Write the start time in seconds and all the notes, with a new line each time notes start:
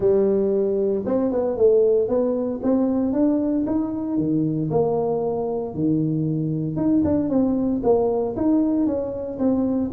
0.00 G3
1.06 C4
1.31 B3
1.57 A3
2.08 B3
2.62 C4
3.13 D4
3.66 D#4
4.17 D#3
4.70 A#3
5.74 D#3
6.76 D#4
7.04 D4
7.29 C4
7.83 A#3
8.36 D#4
8.86 C#4
9.38 C4